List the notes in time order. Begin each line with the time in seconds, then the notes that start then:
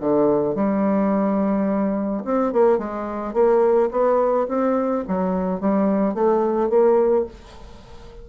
0.00 D3
0.55 G3
2.24 C4
2.53 A#3
2.78 G#3
3.33 A#3
3.91 B3
4.48 C4
5.08 F#3
5.60 G3
6.14 A3
6.69 A#3